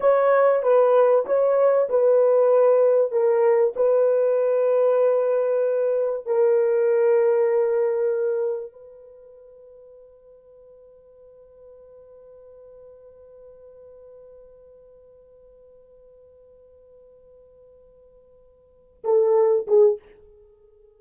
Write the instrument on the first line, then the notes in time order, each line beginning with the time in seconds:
horn
0.00 C#5
0.62 B4
1.26 C#5
1.89 B4
3.11 A#4
3.76 B4
6.26 A#4
8.72 B4
19.04 A4
19.67 G#4